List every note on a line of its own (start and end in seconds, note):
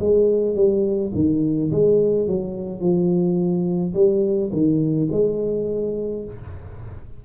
0.00 0.56 G#3
0.56 1.12 G3
1.14 1.71 D#3
1.71 2.27 G#3
2.27 2.81 F#3
2.81 3.94 F3
3.94 4.51 G3
4.52 5.09 D#3
5.12 6.25 G#3